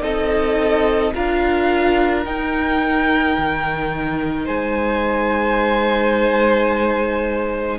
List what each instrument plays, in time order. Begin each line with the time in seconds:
0.00 cello C4, viola D#4, violin A4 D#5
1.14 cello D4, viola F4, violin A#4 F5
2.25 viola D#4, cello D#4, violin G5
3.37 cello D#3
4.45 cello G#3, violin C5 G#5